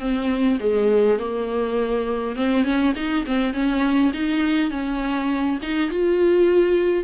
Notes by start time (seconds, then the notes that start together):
0.00 C4
0.60 G#3
1.19 A#3
2.36 C4
2.64 C#4
2.96 D#4
3.26 C4
3.53 C#4
4.14 D#4
4.71 C#4
5.62 D#4
5.91 F4